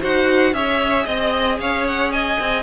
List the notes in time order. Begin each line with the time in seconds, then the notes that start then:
0.00 D#4 F#4 C5 F#5
0.53 C#4 G#4 C#5 E5
1.04 C4 D#5
1.58 C#4 C#5 F5
1.87 F#5
2.11 D#5 G#5
2.39 C4